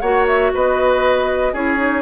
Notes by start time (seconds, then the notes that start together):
0.00 A#3 F#4 C#5 F#5
0.27 E5
0.54 B3 B4 D#5
1.53 C#4 E4 G#4 C#5
1.77 D#4